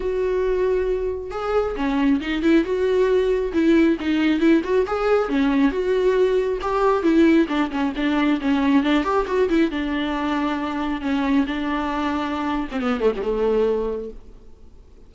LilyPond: \new Staff \with { instrumentName = "viola" } { \time 4/4 \tempo 4 = 136 fis'2. gis'4 | cis'4 dis'8 e'8 fis'2 | e'4 dis'4 e'8 fis'8 gis'4 | cis'4 fis'2 g'4 |
e'4 d'8 cis'8 d'4 cis'4 | d'8 g'8 fis'8 e'8 d'2~ | d'4 cis'4 d'2~ | d'8. c'16 b8 a16 g16 a2 | }